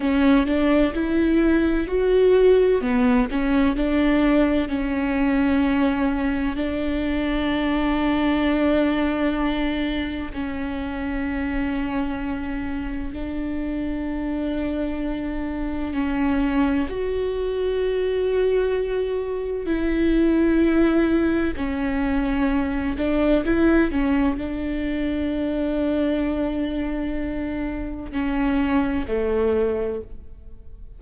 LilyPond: \new Staff \with { instrumentName = "viola" } { \time 4/4 \tempo 4 = 64 cis'8 d'8 e'4 fis'4 b8 cis'8 | d'4 cis'2 d'4~ | d'2. cis'4~ | cis'2 d'2~ |
d'4 cis'4 fis'2~ | fis'4 e'2 cis'4~ | cis'8 d'8 e'8 cis'8 d'2~ | d'2 cis'4 a4 | }